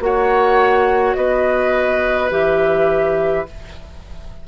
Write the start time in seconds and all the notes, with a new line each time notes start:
0.00 A#3 F#4 C#5 F#5
1.14 B3 B4 D#5
2.31 E3 G4 E5